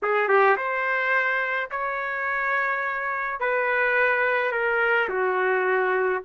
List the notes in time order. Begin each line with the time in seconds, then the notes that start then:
0.02 G#4
0.28 G4
0.56 C5
1.70 C#5
3.40 B4
4.51 A#4
5.08 F#4